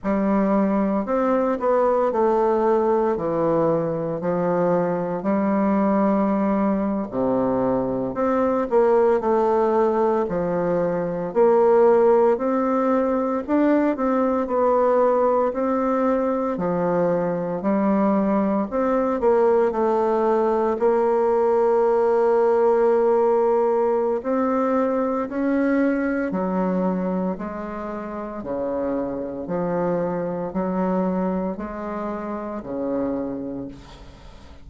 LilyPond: \new Staff \with { instrumentName = "bassoon" } { \time 4/4 \tempo 4 = 57 g4 c'8 b8 a4 e4 | f4 g4.~ g16 c4 c'16~ | c'16 ais8 a4 f4 ais4 c'16~ | c'8. d'8 c'8 b4 c'4 f16~ |
f8. g4 c'8 ais8 a4 ais16~ | ais2. c'4 | cis'4 fis4 gis4 cis4 | f4 fis4 gis4 cis4 | }